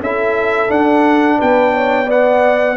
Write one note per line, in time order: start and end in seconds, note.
0.00 0.69 C#4
0.00 0.68 E4
0.00 1.38 A4
0.00 0.71 E5
0.68 2.06 D4
0.68 1.38 D4
0.68 1.40 F#5
1.38 2.77 B3
1.38 1.72 B4
1.38 2.10 G5
1.73 2.06 C#5
2.06 2.77 B3
2.06 2.75 D5
2.06 2.77 F#5